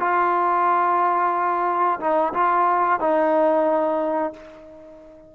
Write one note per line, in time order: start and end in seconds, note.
0.00 2.00 F4
2.01 2.34 D#4
2.34 3.01 F4
3.01 4.34 D#4